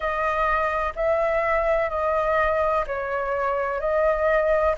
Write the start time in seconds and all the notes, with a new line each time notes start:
0.00 D#5
0.95 E5
1.89 D#5
2.87 C#5
3.80 D#5